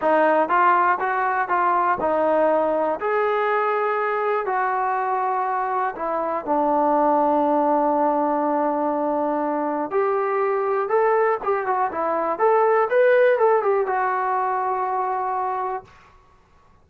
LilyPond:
\new Staff \with { instrumentName = "trombone" } { \time 4/4 \tempo 4 = 121 dis'4 f'4 fis'4 f'4 | dis'2 gis'2~ | gis'4 fis'2. | e'4 d'2.~ |
d'1 | g'2 a'4 g'8 fis'8 | e'4 a'4 b'4 a'8 g'8 | fis'1 | }